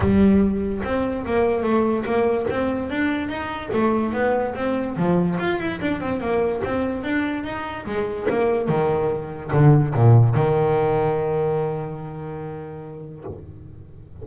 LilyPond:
\new Staff \with { instrumentName = "double bass" } { \time 4/4 \tempo 4 = 145 g2 c'4 ais4 | a4 ais4 c'4 d'4 | dis'4 a4 b4 c'4 | f4 f'8 e'8 d'8 c'8 ais4 |
c'4 d'4 dis'4 gis4 | ais4 dis2 d4 | ais,4 dis2.~ | dis1 | }